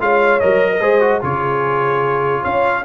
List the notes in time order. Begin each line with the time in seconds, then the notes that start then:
0.00 G#3 F4 C#5 F5
0.39 F#3 A#4 D#5
0.71 A#4
0.80 G#3 G#4 C5
1.00 F#4
1.21 C#3 F4 G#4 C#5
2.41 C#4 C#5 F5